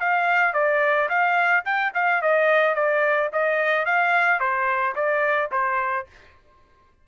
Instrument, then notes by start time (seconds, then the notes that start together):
trumpet
0.00 F5
0.54 D5
1.09 F5
1.65 G5
1.94 F5
2.22 D#5
2.75 D5
3.33 D#5
3.86 F5
4.40 C5
4.96 D5
5.52 C5